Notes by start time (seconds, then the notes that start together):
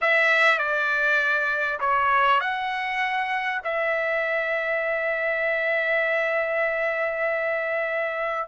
0.01 E5
0.58 D5
1.80 C#5
2.40 F#5
3.64 E5